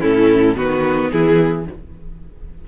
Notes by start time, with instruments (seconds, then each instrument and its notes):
0.00 cello A2, viola C#4, violin E4 A4
0.55 cello D#3, viola B3, violin F#4 B4
1.11 cello E3, violin E4 G#4